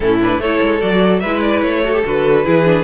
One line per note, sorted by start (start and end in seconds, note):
0.00 0.39 A2
0.00 0.21 C#4
0.00 0.41 E4
0.00 0.20 A4
0.21 0.41 D4
0.21 0.41 B4
0.39 0.59 A3
0.39 0.79 E4
0.39 1.20 A4
0.39 0.80 C#5
0.61 0.82 G#3
0.79 1.23 F#3
0.79 1.20 F#4
0.79 1.19 D5
1.19 1.62 G#3
1.19 1.81 B4
1.19 1.40 E5
1.26 1.84 E4
1.41 1.61 D5
1.61 2.03 A3
1.61 2.02 C#5
1.84 1.93 F#4
1.84 2.45 A4
1.93 2.03 G4
2.05 2.46 D3
2.05 2.44 F#4
2.05 2.84 B4
2.44 2.84 E3
2.44 2.64 E4
2.44 2.84 G#4
2.64 2.84 D4